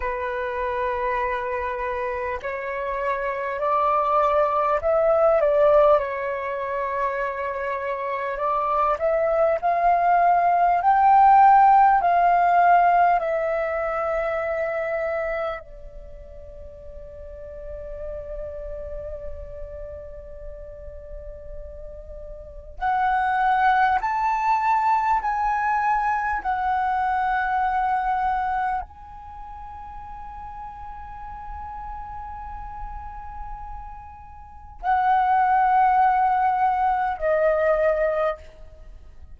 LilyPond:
\new Staff \with { instrumentName = "flute" } { \time 4/4 \tempo 4 = 50 b'2 cis''4 d''4 | e''8 d''8 cis''2 d''8 e''8 | f''4 g''4 f''4 e''4~ | e''4 d''2.~ |
d''2. fis''4 | a''4 gis''4 fis''2 | gis''1~ | gis''4 fis''2 dis''4 | }